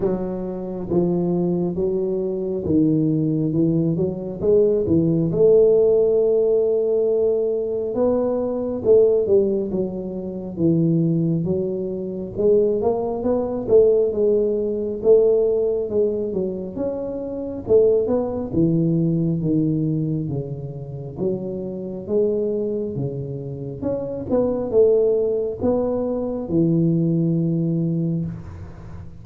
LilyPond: \new Staff \with { instrumentName = "tuba" } { \time 4/4 \tempo 4 = 68 fis4 f4 fis4 dis4 | e8 fis8 gis8 e8 a2~ | a4 b4 a8 g8 fis4 | e4 fis4 gis8 ais8 b8 a8 |
gis4 a4 gis8 fis8 cis'4 | a8 b8 e4 dis4 cis4 | fis4 gis4 cis4 cis'8 b8 | a4 b4 e2 | }